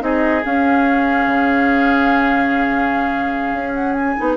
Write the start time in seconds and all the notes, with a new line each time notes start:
0.00 C4 D#4 G#4 D#5
0.45 C#4 F5
1.27 C#3
3.54 C#4
3.74 F#5
3.93 G#5
4.17 B3 D#4